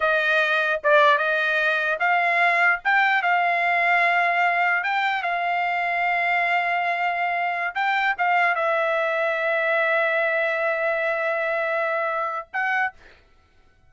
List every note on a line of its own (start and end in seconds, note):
0.00 0.80 D#5
0.83 1.18 D5
1.18 1.98 D#5
1.99 2.80 F5
2.84 3.22 G5
3.22 4.83 F5
4.83 5.22 G5
5.22 7.74 F5
7.74 8.15 G5
8.17 8.55 F5
8.55 12.48 E5
12.53 12.93 F#5